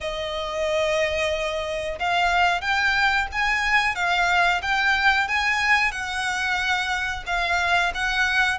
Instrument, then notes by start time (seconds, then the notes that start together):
violin
0.00 D#5
1.99 F5
2.61 G5
3.31 G#5
3.95 F5
4.62 G5
5.27 G#5
5.91 F#5
7.26 F5
7.94 F#5